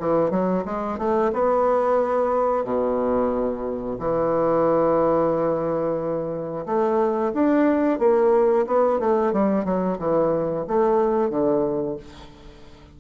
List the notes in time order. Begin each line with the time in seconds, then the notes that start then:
0.00 E3
0.31 F#3
0.65 G#3
0.98 A3
1.33 B3
2.64 B2
3.99 E3
6.66 A3
7.34 D4
7.99 A#3
8.67 B3
8.99 A3
9.33 G3
9.65 F#3
9.99 E3
10.68 A3
11.30 D3